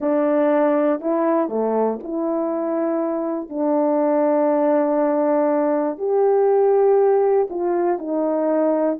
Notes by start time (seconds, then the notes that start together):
0.00 D4
1.00 E4
1.49 A3
2.02 E4
3.49 D4
5.97 G4
7.50 F4
7.98 D#4